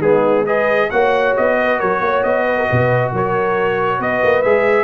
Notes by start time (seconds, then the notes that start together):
0.00 G#3 B3 D#4 G#4
0.45 G#4 B4 D#5
0.90 A#3 F#4 C#5 F#5
1.36 B3 D#5
1.62 B4
1.78 F#3 A#4 C#5
2.00 A#3 C#5
2.23 B3 D#5
2.45 B4
2.57 A#4
2.68 B2 B4
3.12 F#3 A#4 C#5
3.99 B3 B4 D#5
4.24 A#3
4.42 G#3 G#4 E5